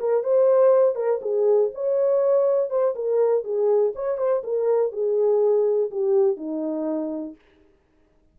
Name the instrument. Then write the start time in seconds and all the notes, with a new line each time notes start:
horn
0.00 A#4
0.24 C5
0.96 A#4
1.22 G#4
1.75 C#5
2.70 C5
2.96 A#4
3.44 G#4
3.96 C#5
4.18 C5
4.44 A#4
4.93 G#4
5.91 G4
6.37 D#4